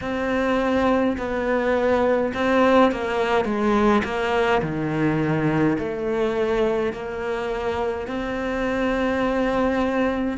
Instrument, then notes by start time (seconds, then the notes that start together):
cello
0.01 C4
1.17 B3
2.33 C4
2.91 A#3
3.45 G#3
4.04 A#3
4.62 D#3
5.78 A3
6.92 A#3
8.07 C4